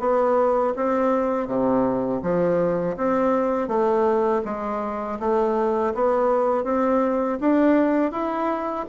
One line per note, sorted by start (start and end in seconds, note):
0.00 0.74 B3
0.76 1.48 C4
1.48 2.22 C3
2.23 2.97 F3
2.97 3.68 C4
3.68 4.42 A3
4.45 5.19 G#3
5.20 5.94 A3
5.95 6.65 B3
6.65 7.39 C4
7.41 8.12 D4
8.12 8.86 E4